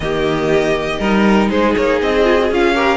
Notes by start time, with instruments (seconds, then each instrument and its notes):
0.00 cello D#3, viola A#3, violin G4 D#5
0.99 cello G3, viola D#4, violin A#4
1.49 cello G#3, violin G#4 C5
1.75 cello A#3, violin C#5
2.01 cello C4, violin D#5
2.24 viola F4
2.38 viola F#4
2.50 cello C#4, viola F4, violin F5
2.74 viola G4, violin A#4